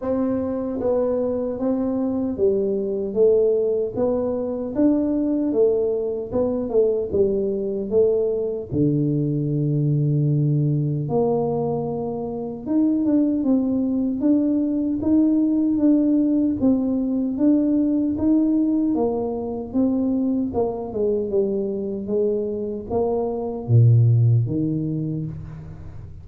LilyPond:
\new Staff \with { instrumentName = "tuba" } { \time 4/4 \tempo 4 = 76 c'4 b4 c'4 g4 | a4 b4 d'4 a4 | b8 a8 g4 a4 d4~ | d2 ais2 |
dis'8 d'8 c'4 d'4 dis'4 | d'4 c'4 d'4 dis'4 | ais4 c'4 ais8 gis8 g4 | gis4 ais4 ais,4 dis4 | }